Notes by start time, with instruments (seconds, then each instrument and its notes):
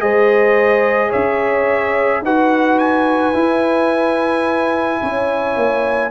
0.00 tuba G#3, trombone G#4, horn C5, trumpet D#5
1.10 tuba C#4, horn C#5, trumpet E5
2.22 tuba D#4, trombone F#4, horn B4, trumpet F#5
2.79 trumpet G#5
3.34 trombone E4, tuba E4
5.02 tuba C#4, horn C#5
5.56 tuba A#3